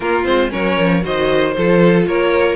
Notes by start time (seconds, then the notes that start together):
0.00 A#3 F4 A#4
0.24 G#3 C4 C5
0.49 F#3 C#4 A#4 C#5
0.78 F3
1.02 D#3 F#4 C5 D#5
1.52 F3 F4 A4 C5
2.06 A#3 A#4 C#5